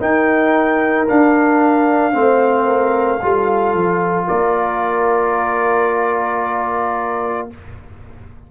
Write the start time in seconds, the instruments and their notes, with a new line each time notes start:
0.00 trombone D#4, tuba D#4, horn A#4, trumpet G5
1.08 trombone D4, tuba D4, trumpet F5
2.13 tuba A3, trombone C4, horn C5
2.67 horn A#4
3.22 tuba G3, trombone F4, horn A4
3.74 tuba F3
4.28 tuba A#3, horn A#4, trumpet D5